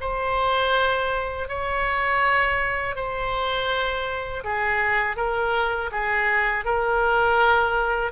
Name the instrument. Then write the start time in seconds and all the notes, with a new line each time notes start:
oboe
0.00 C5
1.48 C#5
2.95 C5
4.43 G#4
5.16 A#4
5.91 G#4
6.64 A#4